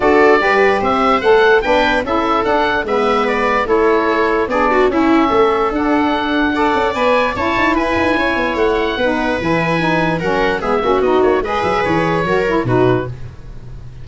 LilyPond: <<
  \new Staff \with { instrumentName = "oboe" } { \time 4/4 \tempo 4 = 147 d''2 e''4 fis''4 | g''4 e''4 fis''4 e''4 | d''4 cis''2 d''4 | e''2 fis''2~ |
fis''4 gis''4 a''4 gis''4~ | gis''4 fis''2 gis''4~ | gis''4 fis''4 e''4 dis''8 cis''8 | dis''8 e''8 cis''2 b'4 | }
  \new Staff \with { instrumentName = "viola" } { \time 4/4 a'4 b'4 c''2 | b'4 a'2 b'4~ | b'4 a'2 gis'8 fis'8 | e'4 a'2. |
d''2 cis''4 b'4 | cis''2 b'2~ | b'4 ais'4 gis'8 fis'4. | b'2 ais'4 fis'4 | }
  \new Staff \with { instrumentName = "saxophone" } { \time 4/4 fis'4 g'2 a'4 | d'4 e'4 d'4 b4~ | b4 e'2 d'4 | cis'2 d'2 |
a'4 b'4 e'2~ | e'2 dis'4 e'4 | dis'4 cis'4 b8 cis'8 dis'4 | gis'2 fis'8 e'8 dis'4 | }
  \new Staff \with { instrumentName = "tuba" } { \time 4/4 d'4 g4 c'4 a4 | b4 cis'4 d'4 gis4~ | gis4 a2 b4 | cis'4 a4 d'2~ |
d'8 cis'8 b4 cis'8 dis'8 e'8 dis'8 | cis'8 b8 a4 b4 e4~ | e4 fis4 gis8 ais8 b8 ais8 | gis8 fis8 e4 fis4 b,4 | }
>>